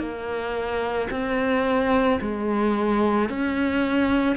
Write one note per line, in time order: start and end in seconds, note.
0.00 1.09 A#3
1.11 2.20 C4
2.22 3.30 G#3
3.30 4.37 C#4